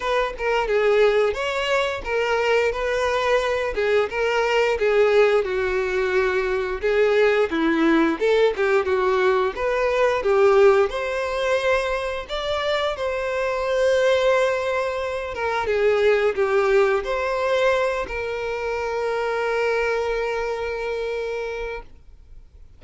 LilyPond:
\new Staff \with { instrumentName = "violin" } { \time 4/4 \tempo 4 = 88 b'8 ais'8 gis'4 cis''4 ais'4 | b'4. gis'8 ais'4 gis'4 | fis'2 gis'4 e'4 | a'8 g'8 fis'4 b'4 g'4 |
c''2 d''4 c''4~ | c''2~ c''8 ais'8 gis'4 | g'4 c''4. ais'4.~ | ais'1 | }